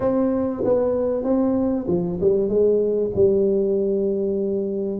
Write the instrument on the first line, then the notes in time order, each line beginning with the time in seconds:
tuba
0.00 C4
0.64 B3
1.23 C4
1.88 F3
2.20 G3
2.48 G#3
3.15 G3